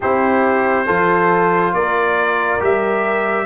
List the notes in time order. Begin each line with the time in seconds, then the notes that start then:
0.00 C4 E4 G4 C5
0.85 F3 F4 A4
1.73 A#3 A#4 D5
2.59 G3 G4 E5